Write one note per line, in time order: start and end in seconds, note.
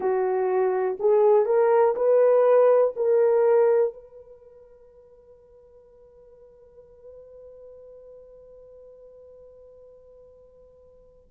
0.00 0.97 F#4
0.99 1.45 G#4
1.45 1.94 A#4
1.95 2.93 B4
2.96 3.93 A#4
3.93 11.31 B4